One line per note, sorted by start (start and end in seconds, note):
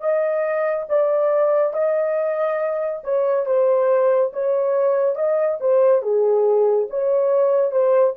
0.00 0.86 D#5
0.89 1.73 D5
1.73 3.02 D#5
3.04 3.45 C#5
3.45 4.31 C5
4.32 5.15 C#5
5.15 5.58 D#5
5.60 6.02 C5
6.02 6.87 G#4
6.89 7.71 C#5
7.71 8.14 C5